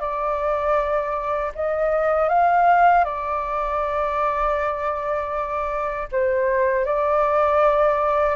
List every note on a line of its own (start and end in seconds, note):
0.00 1.52 D5
1.55 2.29 D#5
2.29 3.04 F5
3.04 6.08 D5
6.11 6.85 C5
6.85 8.36 D5